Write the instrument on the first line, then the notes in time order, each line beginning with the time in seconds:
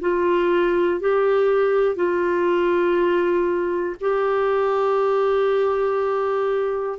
clarinet
0.00 F4
1.00 G4
1.95 F4
4.00 G4